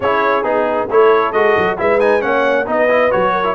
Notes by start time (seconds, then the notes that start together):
0.00 C#4 E4 G#4 C#5
0.43 B3 D#4 G#4
0.88 A3 E4 A4 C#5
1.32 G#3 F#4 D#5
1.57 F#3
1.77 G#3 E4 B4 E5
1.99 D#4 G#5
2.20 A#3 C#4 C#5 F#5
2.66 B3 D#4 B4 D#5
2.89 E4
3.10 F#3 F#4 C#5
3.32 A#4
3.44 E4